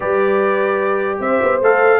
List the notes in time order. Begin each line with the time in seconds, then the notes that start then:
0.00 G3 G4 B4 D5
1.19 C4 C5 E5
1.42 B3
1.61 A3 A4 F5